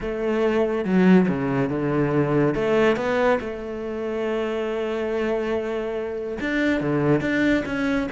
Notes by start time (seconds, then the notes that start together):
0.01 A3
0.84 F#3
1.28 C#3
1.69 D3
2.54 A3
2.96 B3
3.40 A3
6.40 D4
6.80 D3
7.21 D4
7.65 C#4